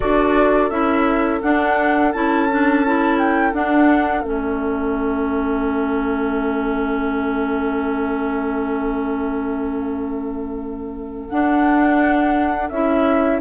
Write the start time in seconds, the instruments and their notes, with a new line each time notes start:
0.00 bassoon D4, clarinet F#4, oboe A4, flute D5
0.69 bassoon C#4, clarinet E4, flute E5
1.41 clarinet D4, bassoon D4, flute F#5
2.11 bassoon C#4, clarinet E4, flute A5
2.50 clarinet D4
2.85 clarinet E4
3.18 flute G5
3.52 clarinet D4, bassoon D4, flute F#5
4.22 bassoon A3, clarinet C#4, flute E5
11.28 clarinet D4, bassoon D4, flute F#5
12.69 bassoon C#4, clarinet E4, flute E5